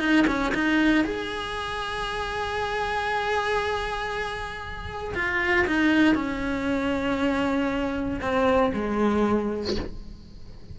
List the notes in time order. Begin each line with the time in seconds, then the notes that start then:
0.00 D#4
0.27 C#4
0.55 D#4
1.05 G#4
5.15 F4
5.67 D#4
6.15 C#4
8.21 C4
8.74 G#3